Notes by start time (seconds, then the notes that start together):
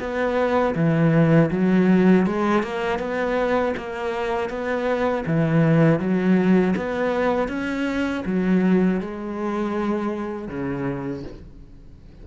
0.00 B3
0.75 E3
1.51 F#3
2.26 G#3
2.63 A#3
2.99 B3
3.77 A#3
4.50 B3
5.27 E3
6.00 F#3
6.76 B3
7.49 C#4
8.26 F#3
9.01 G#3
10.49 C#3